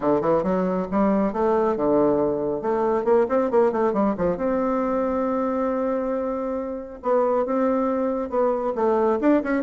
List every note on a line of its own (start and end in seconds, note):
0.00 0.21 D3
0.21 0.43 E3
0.43 0.87 F#3
0.91 1.33 G3
1.33 1.76 A3
1.76 2.61 D3
2.61 3.04 A3
3.04 3.26 A#3
3.28 3.50 C4
3.50 3.72 A#3
3.72 3.93 A3
3.93 4.14 G3
4.17 4.37 F3
4.37 6.99 C4
7.02 7.45 B3
7.45 8.29 C4
8.29 8.73 B3
8.75 9.19 A3
9.20 9.42 D4
9.43 9.63 C#4